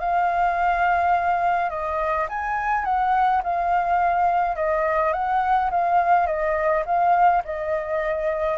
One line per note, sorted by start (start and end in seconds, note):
0.00 1.70 F5
1.70 2.27 D#5
2.29 2.85 G#5
2.85 3.42 F#5
3.44 4.56 F5
4.56 5.13 D#5
5.13 5.70 F#5
5.71 6.27 F5
6.27 6.84 D#5
6.86 7.43 F5
7.45 8.58 D#5